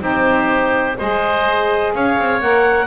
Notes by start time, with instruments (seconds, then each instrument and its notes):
0.00 double bass C4, saxophone D#4, oboe G4, clarinet C5
0.98 double bass G#3, saxophone G#4, oboe C5, clarinet D#5
1.94 double bass C#4, oboe C#5, clarinet F5
2.18 double bass C4
2.41 double bass A#3, saxophone A#4, clarinet F#5